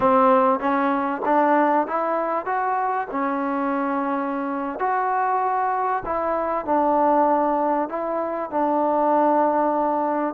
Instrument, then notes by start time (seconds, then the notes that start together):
trombone
0.00 C4
0.59 C#4
1.25 D4
1.87 E4
2.45 F#4
3.10 C#4
4.79 F#4
6.05 E4
6.65 D4
7.89 E4
8.50 D4